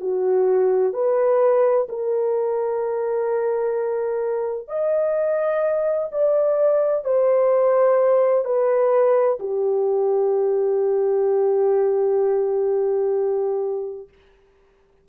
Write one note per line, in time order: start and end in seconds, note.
0.00 0.93 F#4
0.93 1.87 B4
1.88 4.68 A#4
4.68 6.09 D#5
6.12 7.04 D5
7.04 8.45 C5
8.45 9.38 B4
9.40 14.08 G4